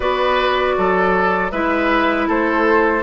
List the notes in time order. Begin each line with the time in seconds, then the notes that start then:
0.00 B3 F#4 B4 D5
0.77 F#3 A4
1.51 G#3 E4 B4 E5
2.27 A3 A4 C5